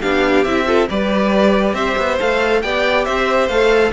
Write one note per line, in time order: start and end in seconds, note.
0.00 0.44 B3
0.00 0.45 D4
0.00 0.65 G4
0.00 0.44 F5
0.44 0.88 C4
0.44 0.65 E4
0.44 0.87 E5
0.65 0.87 F4
0.65 0.88 A4
0.89 1.73 G3
0.89 2.19 G4
0.89 1.74 B4
0.89 1.74 D5
1.73 1.95 C4
1.73 2.61 C5
1.73 2.17 E5
1.97 2.19 B3
2.19 2.63 A3
2.19 2.63 A4
2.19 2.61 F5
2.61 3.07 B3
2.61 3.50 G4
2.61 3.05 D5
2.61 3.05 G5
3.05 3.48 C4
3.05 3.92 C5
3.05 3.48 E5
3.48 3.91 A3
3.48 3.92 A4
3.48 3.92 F5